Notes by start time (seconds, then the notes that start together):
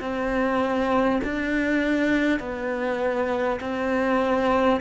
0.00 C4
1.24 D4
2.39 B3
3.60 C4